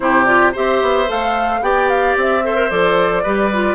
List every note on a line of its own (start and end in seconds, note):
0.00 0.54 C3
0.00 0.26 E4
0.00 0.52 G4
0.00 0.25 C5
0.25 0.53 F4
0.25 0.52 D5
0.52 0.82 C4
0.52 1.06 G4
0.52 1.60 C5
0.52 1.09 E5
0.82 1.09 B3
1.06 1.61 A3
1.06 1.60 A4
1.06 1.62 F5
1.61 2.15 B3
1.61 2.43 G4
1.61 2.44 D5
1.61 1.89 G5
1.89 2.16 F5
2.16 2.70 C4
2.16 2.70 E5
2.43 2.55 A4
2.43 3.23 C5
2.55 2.69 A#4
2.69 3.24 F3
2.69 3.24 A4
2.69 3.75 D5
3.23 3.75 G3
3.23 3.51 G4
3.23 3.75 B4
3.52 3.75 F4